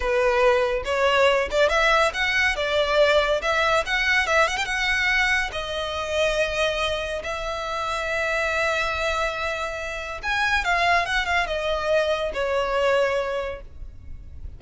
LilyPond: \new Staff \with { instrumentName = "violin" } { \time 4/4 \tempo 4 = 141 b'2 cis''4. d''8 | e''4 fis''4 d''2 | e''4 fis''4 e''8 fis''16 g''16 fis''4~ | fis''4 dis''2.~ |
dis''4 e''2.~ | e''1 | gis''4 f''4 fis''8 f''8 dis''4~ | dis''4 cis''2. | }